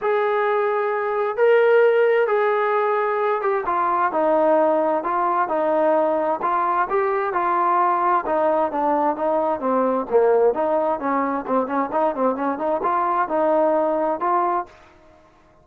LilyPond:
\new Staff \with { instrumentName = "trombone" } { \time 4/4 \tempo 4 = 131 gis'2. ais'4~ | ais'4 gis'2~ gis'8 g'8 | f'4 dis'2 f'4 | dis'2 f'4 g'4 |
f'2 dis'4 d'4 | dis'4 c'4 ais4 dis'4 | cis'4 c'8 cis'8 dis'8 c'8 cis'8 dis'8 | f'4 dis'2 f'4 | }